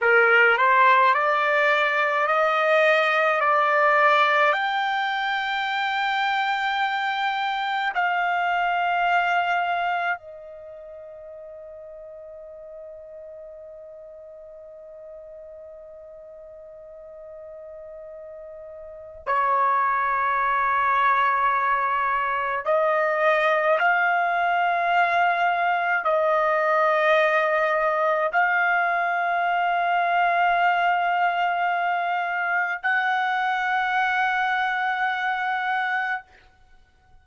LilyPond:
\new Staff \with { instrumentName = "trumpet" } { \time 4/4 \tempo 4 = 53 ais'8 c''8 d''4 dis''4 d''4 | g''2. f''4~ | f''4 dis''2.~ | dis''1~ |
dis''4 cis''2. | dis''4 f''2 dis''4~ | dis''4 f''2.~ | f''4 fis''2. | }